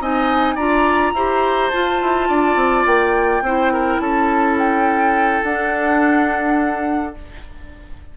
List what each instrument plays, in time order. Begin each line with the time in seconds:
0.00 bassoon C4, clarinet D#4, oboe D#5, flute G#5
0.55 bassoon D4, clarinet F4, oboe D5, flute A#5
1.13 bassoon E4, clarinet G4, oboe C5
1.70 clarinet F4, bassoon F4, flute A5
2.01 bassoon E4
2.28 bassoon D4, oboe D5
2.56 bassoon C4
2.86 bassoon A#3, flute G5
3.42 bassoon C4, clarinet E4, oboe C5
3.73 oboe A#4
3.99 bassoon C#4, oboe A4, flute A5
4.58 flute G5
5.43 bassoon D4, clarinet D4, flute F#5